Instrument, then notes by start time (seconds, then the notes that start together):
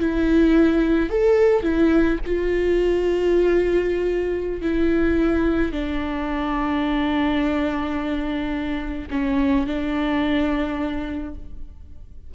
viola
0.00 E4
1.10 A4
1.63 E4
2.26 F4
4.62 E4
5.72 D4
9.11 C#4
9.67 D4